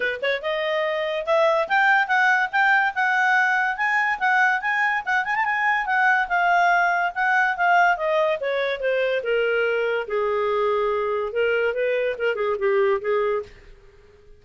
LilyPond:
\new Staff \with { instrumentName = "clarinet" } { \time 4/4 \tempo 4 = 143 b'8 cis''8 dis''2 e''4 | g''4 fis''4 g''4 fis''4~ | fis''4 gis''4 fis''4 gis''4 | fis''8 gis''16 a''16 gis''4 fis''4 f''4~ |
f''4 fis''4 f''4 dis''4 | cis''4 c''4 ais'2 | gis'2. ais'4 | b'4 ais'8 gis'8 g'4 gis'4 | }